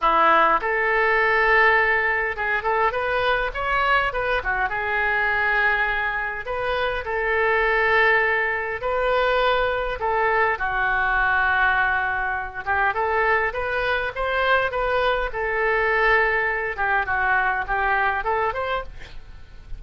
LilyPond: \new Staff \with { instrumentName = "oboe" } { \time 4/4 \tempo 4 = 102 e'4 a'2. | gis'8 a'8 b'4 cis''4 b'8 fis'8 | gis'2. b'4 | a'2. b'4~ |
b'4 a'4 fis'2~ | fis'4. g'8 a'4 b'4 | c''4 b'4 a'2~ | a'8 g'8 fis'4 g'4 a'8 c''8 | }